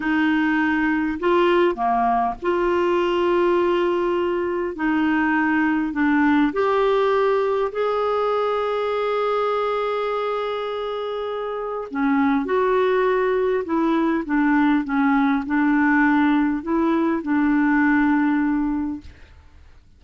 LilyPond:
\new Staff \with { instrumentName = "clarinet" } { \time 4/4 \tempo 4 = 101 dis'2 f'4 ais4 | f'1 | dis'2 d'4 g'4~ | g'4 gis'2.~ |
gis'1 | cis'4 fis'2 e'4 | d'4 cis'4 d'2 | e'4 d'2. | }